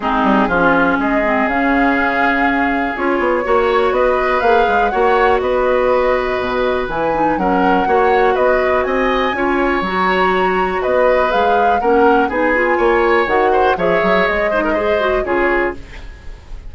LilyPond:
<<
  \new Staff \with { instrumentName = "flute" } { \time 4/4 \tempo 4 = 122 gis'2 dis''4 f''4~ | f''2 cis''2 | dis''4 f''4 fis''4 dis''4~ | dis''2 gis''4 fis''4~ |
fis''4 dis''4 gis''2 | ais''2 dis''4 f''4 | fis''4 gis''2 fis''4 | e''4 dis''2 cis''4 | }
  \new Staff \with { instrumentName = "oboe" } { \time 4/4 dis'4 f'4 gis'2~ | gis'2. cis''4 | b'2 cis''4 b'4~ | b'2. ais'4 |
cis''4 b'4 dis''4 cis''4~ | cis''2 b'2 | ais'4 gis'4 cis''4. c''8 | cis''4. c''16 ais'16 c''4 gis'4 | }
  \new Staff \with { instrumentName = "clarinet" } { \time 4/4 c'4 cis'4. c'8 cis'4~ | cis'2 f'4 fis'4~ | fis'4 gis'4 fis'2~ | fis'2 e'8 dis'8 cis'4 |
fis'2. f'4 | fis'2. gis'4 | cis'4 dis'8 f'4. fis'4 | gis'4. dis'8 gis'8 fis'8 f'4 | }
  \new Staff \with { instrumentName = "bassoon" } { \time 4/4 gis8 g8 f4 gis4 cis4~ | cis2 cis'8 b8 ais4 | b4 ais8 gis8 ais4 b4~ | b4 b,4 e4 fis4 |
ais4 b4 c'4 cis'4 | fis2 b4 gis4 | ais4 b4 ais4 dis4 | f8 fis8 gis2 cis4 | }
>>